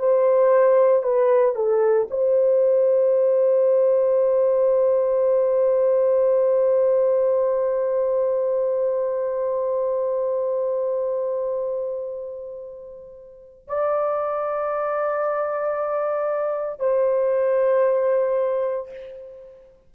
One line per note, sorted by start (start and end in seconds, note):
0.00 1.03 C5
1.03 1.56 B4
1.56 2.09 A4
2.11 13.68 C5
13.68 16.80 D5
16.80 18.90 C5